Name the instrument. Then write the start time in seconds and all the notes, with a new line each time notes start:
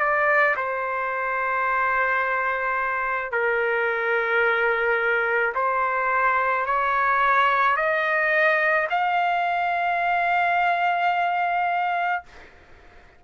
trumpet
0.00 D5
0.57 C5
3.32 A#4
5.55 C5
6.67 C#5
7.77 D#5
8.90 F5